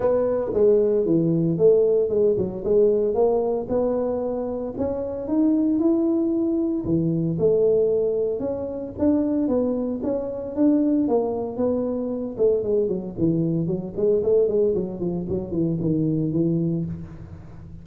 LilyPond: \new Staff \with { instrumentName = "tuba" } { \time 4/4 \tempo 4 = 114 b4 gis4 e4 a4 | gis8 fis8 gis4 ais4 b4~ | b4 cis'4 dis'4 e'4~ | e'4 e4 a2 |
cis'4 d'4 b4 cis'4 | d'4 ais4 b4. a8 | gis8 fis8 e4 fis8 gis8 a8 gis8 | fis8 f8 fis8 e8 dis4 e4 | }